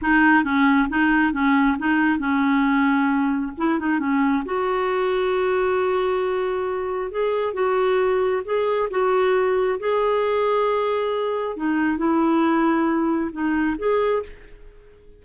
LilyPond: \new Staff \with { instrumentName = "clarinet" } { \time 4/4 \tempo 4 = 135 dis'4 cis'4 dis'4 cis'4 | dis'4 cis'2. | e'8 dis'8 cis'4 fis'2~ | fis'1 |
gis'4 fis'2 gis'4 | fis'2 gis'2~ | gis'2 dis'4 e'4~ | e'2 dis'4 gis'4 | }